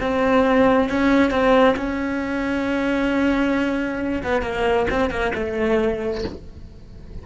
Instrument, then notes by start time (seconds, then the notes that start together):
cello
0.00 C4
0.89 C#4
1.30 C4
1.76 C#4
4.23 B3
4.42 A#3
4.90 C4
5.10 A#3
5.34 A3